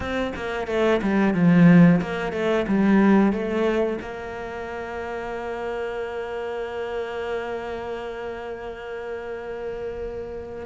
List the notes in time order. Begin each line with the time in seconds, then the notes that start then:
0.00 C4
0.35 A#3
0.67 A3
1.02 G3
1.34 F3
2.01 A#3
2.32 A3
2.67 G3
3.32 A3
4.01 A#3